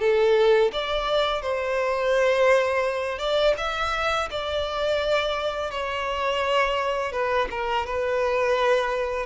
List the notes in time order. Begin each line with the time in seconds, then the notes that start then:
0.00 A4
0.72 D5
1.42 C5
3.19 D5
3.57 E5
4.31 D5
5.71 C#5
7.12 B4
7.51 A#4
7.86 B4